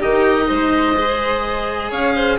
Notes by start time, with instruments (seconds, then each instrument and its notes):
0.00 bassoon D#3, cello D#4, violin G4, oboe D#5
0.47 bassoon G#3, violin C5
0.97 cello G#4
1.90 bassoon C#4, violin C#5, oboe F5
2.15 violin C5